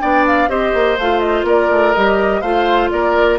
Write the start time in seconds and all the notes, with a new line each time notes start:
0.00 B3 D4 D5 G5
0.27 F5
0.48 C4 G4 C5 D#5
0.74 A#3
0.98 A3 F4 F5
1.20 D#5
1.43 A#3 A#4 D5
1.70 A3
1.93 G3 G4 D#5
2.41 A3 F4 C5 F5
2.91 A#3 A#4 D5